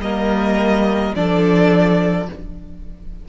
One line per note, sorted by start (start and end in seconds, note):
0.00 1.13 G3
0.00 1.16 A#3
0.00 1.15 A#4
0.00 1.15 D#5
1.15 2.29 F3
1.15 2.29 D4
1.15 2.29 A4
1.15 2.29 D5